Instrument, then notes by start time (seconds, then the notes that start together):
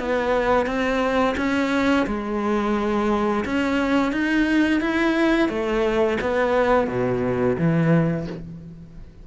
cello
0.00 B3
0.66 C4
1.37 C#4
2.07 G#3
3.45 C#4
4.13 D#4
4.81 E4
5.49 A3
6.21 B3
6.88 B2
7.58 E3